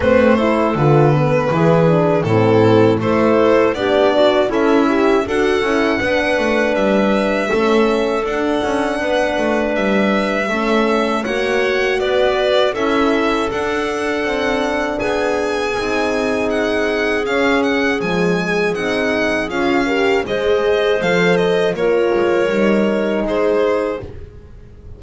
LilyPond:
<<
  \new Staff \with { instrumentName = "violin" } { \time 4/4 \tempo 4 = 80 c''4 b'2 a'4 | c''4 d''4 e''4 fis''4~ | fis''4 e''2 fis''4~ | fis''4 e''2 fis''4 |
d''4 e''4 fis''2 | gis''2 fis''4 f''8 fis''8 | gis''4 fis''4 f''4 dis''4 | f''8 dis''8 cis''2 c''4 | }
  \new Staff \with { instrumentName = "clarinet" } { \time 4/4 b'8 a'4. gis'4 e'4 | a'4 g'8 fis'8 e'4 a'4 | b'2 a'2 | b'2 a'4 cis''4 |
b'4 a'2. | gis'1~ | gis'2~ gis'8 ais'8 c''4~ | c''4 ais'2 gis'4 | }
  \new Staff \with { instrumentName = "horn" } { \time 4/4 c'8 e'8 f'8 b8 e'8 d'8 c'4 | e'4 d'4 a'8 g'8 fis'8 e'8 | d'2 cis'4 d'4~ | d'2 cis'4 fis'4~ |
fis'4 e'4 d'2~ | d'4 dis'2 cis'4 | gis4 dis'4 f'8 g'8 gis'4 | a'4 f'4 dis'2 | }
  \new Staff \with { instrumentName = "double bass" } { \time 4/4 a4 d4 e4 a,4 | a4 b4 cis'4 d'8 cis'8 | b8 a8 g4 a4 d'8 cis'8 | b8 a8 g4 a4 ais4 |
b4 cis'4 d'4 c'4 | b4 c'2 cis'4 | f4 c'4 cis'4 gis4 | f4 ais8 gis8 g4 gis4 | }
>>